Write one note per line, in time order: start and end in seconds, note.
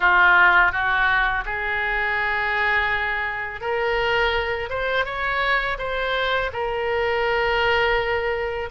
0.00 0.72 F4
0.72 1.44 F#4
1.45 3.60 G#4
3.60 4.69 A#4
4.69 5.05 C5
5.05 5.77 C#5
5.78 6.51 C5
6.52 8.69 A#4